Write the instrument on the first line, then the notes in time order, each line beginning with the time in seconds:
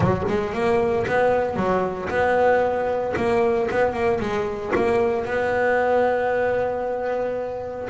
double bass
0.00 F#3
0.28 G#3
0.53 A#3
1.06 B3
1.56 F#3
2.09 B3
3.16 A#3
3.70 B3
3.93 A#3
4.20 G#3
4.75 A#3
5.25 B3